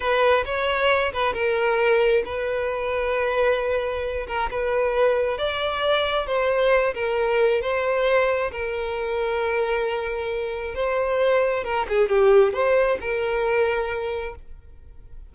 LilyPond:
\new Staff \with { instrumentName = "violin" } { \time 4/4 \tempo 4 = 134 b'4 cis''4. b'8 ais'4~ | ais'4 b'2.~ | b'4. ais'8 b'2 | d''2 c''4. ais'8~ |
ais'4 c''2 ais'4~ | ais'1 | c''2 ais'8 gis'8 g'4 | c''4 ais'2. | }